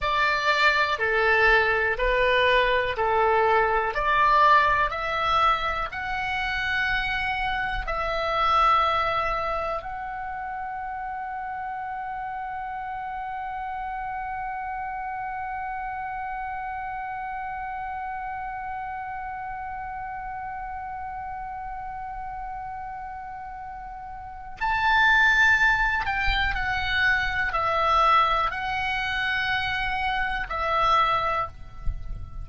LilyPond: \new Staff \with { instrumentName = "oboe" } { \time 4/4 \tempo 4 = 61 d''4 a'4 b'4 a'4 | d''4 e''4 fis''2 | e''2 fis''2~ | fis''1~ |
fis''1~ | fis''1~ | fis''4 a''4. g''8 fis''4 | e''4 fis''2 e''4 | }